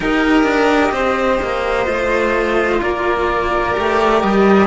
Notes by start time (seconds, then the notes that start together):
0.00 D#4 G4 A#4 D#5
0.43 D4
0.91 C4 C5
1.42 A#3
1.85 A3 F4
2.81 A#3 A#4 D5
3.73 A3 G4
4.21 G3 D#5